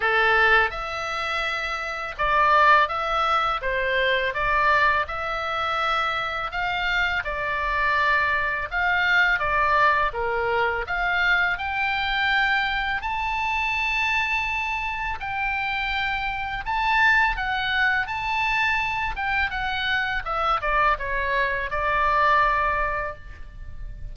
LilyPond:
\new Staff \with { instrumentName = "oboe" } { \time 4/4 \tempo 4 = 83 a'4 e''2 d''4 | e''4 c''4 d''4 e''4~ | e''4 f''4 d''2 | f''4 d''4 ais'4 f''4 |
g''2 a''2~ | a''4 g''2 a''4 | fis''4 a''4. g''8 fis''4 | e''8 d''8 cis''4 d''2 | }